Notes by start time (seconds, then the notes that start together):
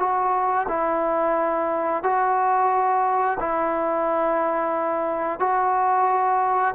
0.00 F#4
0.69 E4
2.03 F#4
3.40 E4
5.40 F#4